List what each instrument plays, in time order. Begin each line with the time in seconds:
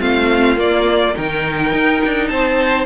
0.00 cello A3, viola C4, violin F4 F5
0.57 viola A#3, cello A#3, violin D5
1.15 cello D#3, viola D#4, violin A#4 G5
1.73 cello D#4
2.05 cello D4
2.28 cello C4, violin C5 A5